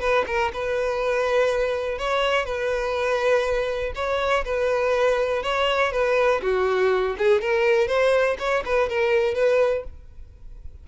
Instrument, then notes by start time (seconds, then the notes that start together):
violin
0.00 B4
0.27 A#4
0.53 B4
1.98 C#5
2.45 B4
3.95 C#5
4.45 B4
5.43 C#5
5.92 B4
6.42 F#4
7.18 G#4
7.41 A#4
7.88 C5
8.39 C#5
8.65 B4
8.89 A#4
9.34 B4